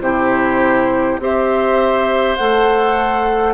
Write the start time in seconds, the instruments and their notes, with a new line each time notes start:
0.00 bassoon C3, clarinet E4, oboe G4, flute C5
1.18 bassoon C4, clarinet G4, oboe C5, flute E5
2.36 bassoon A3, clarinet A4, flute F#5